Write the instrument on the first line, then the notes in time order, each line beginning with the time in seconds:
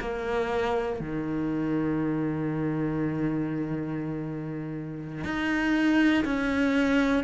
cello
0.00 A#3
1.00 D#3
5.25 D#4
6.25 C#4